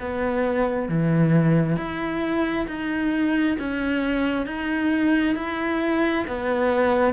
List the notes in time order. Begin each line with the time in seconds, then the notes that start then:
0.00 B3
0.89 E3
1.76 E4
2.67 D#4
3.59 C#4
4.46 D#4
5.35 E4
6.27 B3